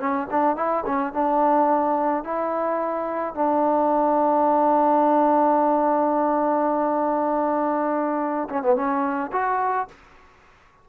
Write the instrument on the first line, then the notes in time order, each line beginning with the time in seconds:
trombone
0.00 C#4
0.31 D4
0.57 E4
0.86 C#4
1.13 D4
2.24 E4
3.35 D4
8.50 C#4
8.63 B3
8.76 C#4
9.33 F#4